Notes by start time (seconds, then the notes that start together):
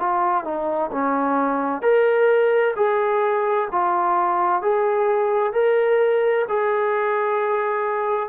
0.00 F4
0.44 D#4
0.92 C#4
1.82 A#4
2.77 G#4
3.72 F4
4.62 G#4
5.53 A#4
6.49 G#4